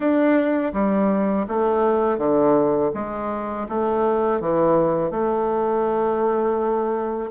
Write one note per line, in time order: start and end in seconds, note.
0.00 0.72 D4
0.73 1.46 G3
1.48 2.18 A3
2.18 2.91 D3
2.94 3.67 G#3
3.68 4.40 A3
4.40 5.11 E3
5.11 7.30 A3